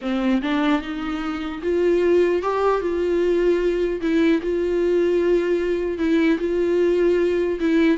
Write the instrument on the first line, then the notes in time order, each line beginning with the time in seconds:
viola
0.01 C4
0.42 D4
0.81 D#4
1.62 F4
2.42 G4
2.80 F4
4.01 E4
4.42 F4
5.98 E4
6.39 F4
7.59 E4